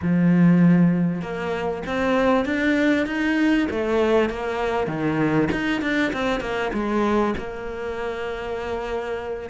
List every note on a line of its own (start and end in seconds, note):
0.02 1.21 F3
1.21 1.82 A#3
1.86 2.45 C4
2.45 3.06 D4
3.06 3.67 D#4
3.70 4.29 A3
4.29 4.87 A#3
4.87 5.48 D#3
5.51 5.81 D#4
5.81 6.12 D4
6.12 6.40 C4
6.40 6.71 A#3
6.73 7.34 G#3
7.37 9.49 A#3